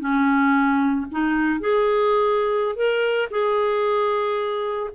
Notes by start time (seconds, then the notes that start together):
0.00 C#4
1.12 D#4
1.60 G#4
2.76 A#4
3.31 G#4